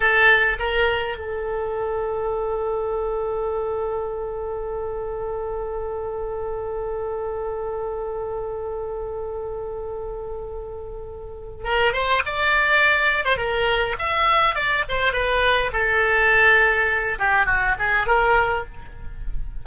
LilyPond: \new Staff \with { instrumentName = "oboe" } { \time 4/4 \tempo 4 = 103 a'4 ais'4 a'2~ | a'1~ | a'1~ | a'1~ |
a'1 | ais'8 c''8 d''4.~ d''16 c''16 ais'4 | e''4 d''8 c''8 b'4 a'4~ | a'4. g'8 fis'8 gis'8 ais'4 | }